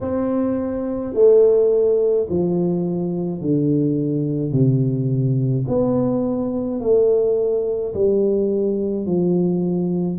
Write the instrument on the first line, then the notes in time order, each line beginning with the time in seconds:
tuba
0.00 C4
1.14 A3
2.29 F3
3.41 D3
4.52 C3
5.67 B3
6.80 A3
7.93 G3
9.06 F3